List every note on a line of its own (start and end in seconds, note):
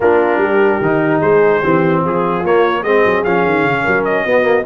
0.00 0.37 A#3
0.00 0.83 D4
0.00 0.41 F4
0.00 1.21 A#4
0.37 0.77 G3
0.37 1.21 G4
0.81 1.20 D#3
0.81 1.63 D#4
1.20 1.61 G#3
1.20 1.60 G#4
1.20 2.02 C5
1.60 2.04 E3
1.60 2.44 C4
1.60 2.01 G4
2.02 2.43 F3
2.02 2.82 F4
2.02 2.45 G#4
2.43 2.83 A#3
2.43 2.85 A#3
2.43 2.83 C#5
2.82 3.04 G#3
2.82 3.25 C4
2.82 3.83 G#4
2.82 3.23 D#5
3.04 3.24 F#3
3.23 3.44 F3
3.23 4.27 C#4
3.23 4.04 F5
3.44 3.62 D#3
3.62 3.83 C#3
3.83 4.25 F#3
3.83 4.23 A#4
4.04 4.65 D#5
4.25 4.65 B3
4.25 4.43 B3
4.25 4.65 F#4
4.43 4.63 A#3